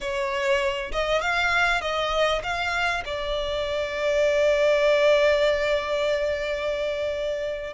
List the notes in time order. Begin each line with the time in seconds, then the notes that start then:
0.00 C#5
0.92 D#5
1.21 F5
1.81 D#5
2.43 F5
3.05 D5